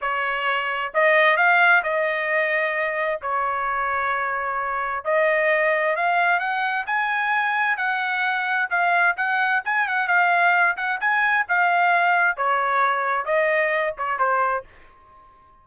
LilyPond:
\new Staff \with { instrumentName = "trumpet" } { \time 4/4 \tempo 4 = 131 cis''2 dis''4 f''4 | dis''2. cis''4~ | cis''2. dis''4~ | dis''4 f''4 fis''4 gis''4~ |
gis''4 fis''2 f''4 | fis''4 gis''8 fis''8 f''4. fis''8 | gis''4 f''2 cis''4~ | cis''4 dis''4. cis''8 c''4 | }